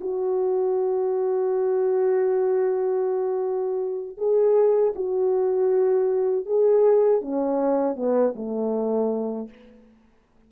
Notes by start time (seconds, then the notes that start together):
0.00 F#4
4.17 G#4
4.95 F#4
6.46 G#4
7.21 C#4
7.95 B3
8.35 A3